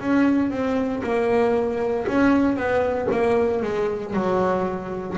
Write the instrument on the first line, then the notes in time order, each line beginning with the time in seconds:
double bass
0.00 C#4
0.51 C4
1.03 A#3
2.07 C#4
2.57 B3
3.11 A#3
3.63 G#3
4.14 F#3